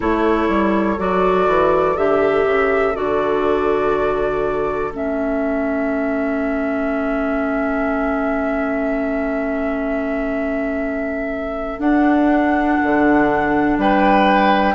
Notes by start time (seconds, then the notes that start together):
0.00 A3 E4 A4 C#5
0.48 G3
0.98 F#3 F#4 D5
1.47 E3
1.96 D3 G4 E5
2.44 C#3
2.94 D3 F#4 D5
4.91 A3 C#4 E5
11.78 D4 F#5
12.83 D3
13.77 G3 B4 G5